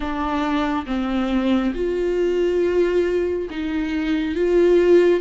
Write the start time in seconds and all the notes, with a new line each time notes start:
0.00 D4
0.86 C4
1.74 F4
3.50 D#4
4.35 F4